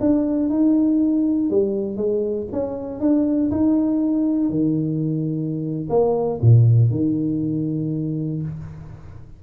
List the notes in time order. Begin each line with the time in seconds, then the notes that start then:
0.00 D4
0.49 D#4
1.50 G3
1.96 G#3
2.52 C#4
3.00 D4
3.51 D#4
4.50 D#3
5.89 A#3
6.41 A#2
6.91 D#3